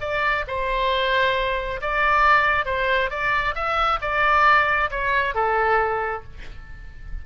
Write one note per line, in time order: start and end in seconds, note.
0.00 0.44 D5
0.47 1.81 C5
1.81 2.66 D5
2.66 3.10 C5
3.10 3.55 D5
3.55 3.99 E5
4.01 4.90 D5
4.91 5.35 C#5
5.35 6.24 A4